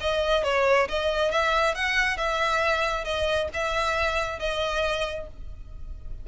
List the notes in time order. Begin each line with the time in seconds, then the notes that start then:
0.00 D#5
0.43 C#5
0.88 D#5
1.31 E5
1.74 F#5
2.17 E5
3.04 D#5
3.53 E5
4.39 D#5